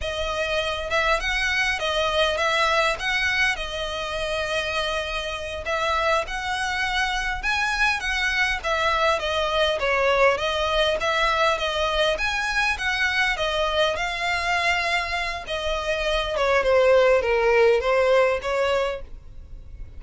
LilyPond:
\new Staff \with { instrumentName = "violin" } { \time 4/4 \tempo 4 = 101 dis''4. e''8 fis''4 dis''4 | e''4 fis''4 dis''2~ | dis''4. e''4 fis''4.~ | fis''8 gis''4 fis''4 e''4 dis''8~ |
dis''8 cis''4 dis''4 e''4 dis''8~ | dis''8 gis''4 fis''4 dis''4 f''8~ | f''2 dis''4. cis''8 | c''4 ais'4 c''4 cis''4 | }